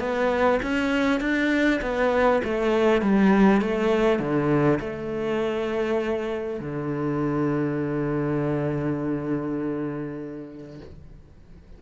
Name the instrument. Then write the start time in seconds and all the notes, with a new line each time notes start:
cello
0.00 B3
0.63 C#4
1.21 D4
1.82 B3
2.44 A3
3.02 G3
3.62 A3
4.20 D3
4.80 A3
6.61 D3